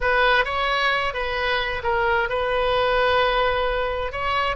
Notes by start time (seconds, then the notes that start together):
0.01 B4
0.44 C#5
1.13 B4
1.83 A#4
2.29 B4
4.11 C#5